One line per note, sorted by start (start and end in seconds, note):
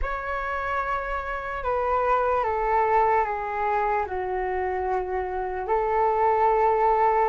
0.01 1.63 C#5
1.63 2.43 B4
2.43 3.24 A4
3.24 4.05 G#4
4.06 5.67 F#4
5.67 7.29 A4